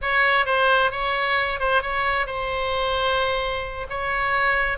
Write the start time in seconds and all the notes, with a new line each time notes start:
0.01 C#5
0.45 C5
0.91 C#5
1.59 C5
1.82 C#5
2.26 C5
3.89 C#5